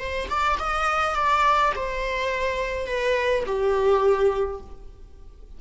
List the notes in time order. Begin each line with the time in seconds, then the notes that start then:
0.00 C5
0.30 D5
0.60 D#5
1.15 D5
1.76 C5
2.87 B4
3.46 G4